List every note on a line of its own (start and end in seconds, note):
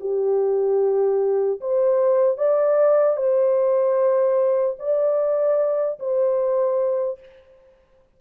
0.00 1.60 G4
1.60 2.37 C5
2.37 3.17 D5
3.17 4.77 C5
4.79 5.99 D5
5.99 7.19 C5